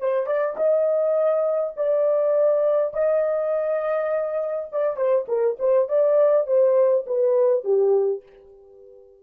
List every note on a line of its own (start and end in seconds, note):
0.00 0.26 C5
0.26 0.56 D5
0.57 1.75 D#5
1.76 2.94 D5
2.94 4.70 D#5
4.72 4.96 D5
4.96 5.26 C5
5.28 5.57 A#4
5.59 5.89 C5
5.89 6.47 D5
6.47 7.06 C5
7.07 7.64 B4
7.64 8.23 G4